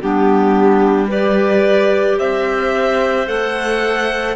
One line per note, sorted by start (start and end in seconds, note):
0.00 2.19 G3
0.00 1.08 B3
0.00 1.07 D4
0.00 1.10 G4
1.07 3.26 G4
1.07 2.17 B4
1.07 2.19 D5
2.19 3.27 C4
2.19 4.35 C5
2.19 3.28 E5
3.27 4.35 A3
3.27 4.35 A4
3.27 4.35 F#5